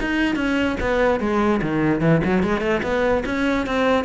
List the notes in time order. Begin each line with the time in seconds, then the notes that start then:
0.00 D#4
0.35 C#4
0.80 B3
1.20 G#3
1.62 D#3
2.00 E3
2.24 F#3
2.42 G#3
2.60 A3
2.83 B3
3.25 C#4
3.66 C4